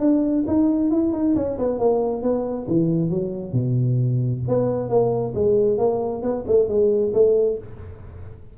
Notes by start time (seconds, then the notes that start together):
0.00 D4
0.47 D#4
0.91 E4
1.13 D#4
1.36 C#4
1.59 B3
1.79 A#3
2.22 B3
2.68 E3
3.10 F#3
3.53 B2
4.48 B3
4.89 A#3
5.35 G#3
5.78 A#3
6.22 B3
6.47 A3
6.68 G#3
7.14 A3